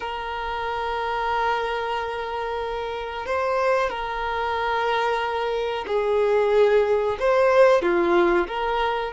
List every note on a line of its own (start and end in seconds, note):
0.00 3.25 A#4
3.25 3.89 C5
3.89 5.85 A#4
5.87 7.17 G#4
7.19 7.82 C5
7.82 8.47 F4
8.47 9.12 A#4